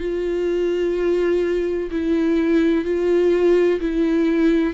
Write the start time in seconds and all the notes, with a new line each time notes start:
0.00 F4
1.91 E4
2.85 F4
3.81 E4